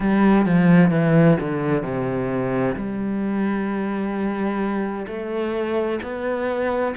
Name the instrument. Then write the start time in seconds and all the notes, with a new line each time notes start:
cello
0.00 G3
0.45 F3
0.91 E3
1.40 D3
1.82 C3
2.75 G3
5.07 A3
6.03 B3